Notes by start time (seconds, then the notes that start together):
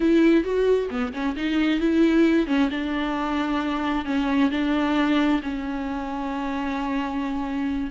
0.00 E4
0.43 F#4
0.90 B3
1.13 C#4
1.36 D#4
1.80 E4
2.46 C#4
2.70 D4
4.05 C#4
4.51 D4
5.42 C#4